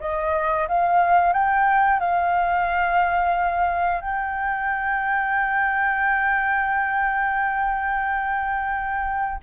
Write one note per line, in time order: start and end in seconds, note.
0.00 0.67 D#5
0.68 1.33 F5
1.33 1.99 G5
1.99 4.01 F5
4.01 9.40 G5